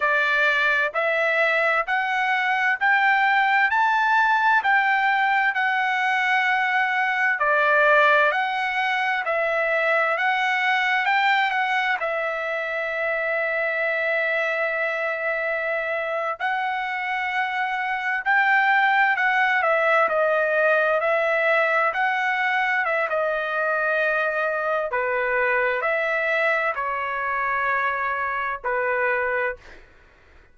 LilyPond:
\new Staff \with { instrumentName = "trumpet" } { \time 4/4 \tempo 4 = 65 d''4 e''4 fis''4 g''4 | a''4 g''4 fis''2 | d''4 fis''4 e''4 fis''4 | g''8 fis''8 e''2.~ |
e''4.~ e''16 fis''2 g''16~ | g''8. fis''8 e''8 dis''4 e''4 fis''16~ | fis''8. e''16 dis''2 b'4 | e''4 cis''2 b'4 | }